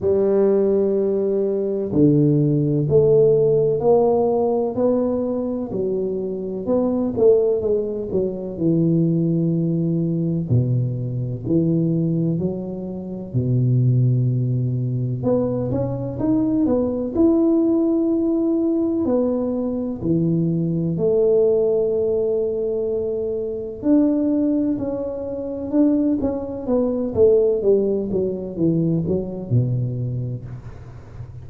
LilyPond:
\new Staff \with { instrumentName = "tuba" } { \time 4/4 \tempo 4 = 63 g2 d4 a4 | ais4 b4 fis4 b8 a8 | gis8 fis8 e2 b,4 | e4 fis4 b,2 |
b8 cis'8 dis'8 b8 e'2 | b4 e4 a2~ | a4 d'4 cis'4 d'8 cis'8 | b8 a8 g8 fis8 e8 fis8 b,4 | }